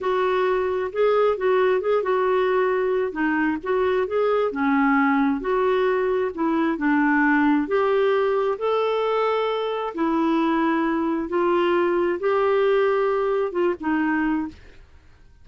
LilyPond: \new Staff \with { instrumentName = "clarinet" } { \time 4/4 \tempo 4 = 133 fis'2 gis'4 fis'4 | gis'8 fis'2~ fis'8 dis'4 | fis'4 gis'4 cis'2 | fis'2 e'4 d'4~ |
d'4 g'2 a'4~ | a'2 e'2~ | e'4 f'2 g'4~ | g'2 f'8 dis'4. | }